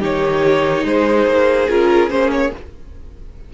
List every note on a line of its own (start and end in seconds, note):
0.00 0.85 D#3
0.00 1.68 D#4
0.00 0.83 G4
0.00 0.87 C#5
0.85 1.27 G#3
0.85 2.54 G#4
0.85 1.70 C5
1.27 1.68 A#3
1.69 2.11 C#4
1.69 2.10 F4
1.69 2.10 A#4
2.10 2.52 A#3
2.10 2.52 C#4
2.10 2.31 C5
2.32 2.53 C#5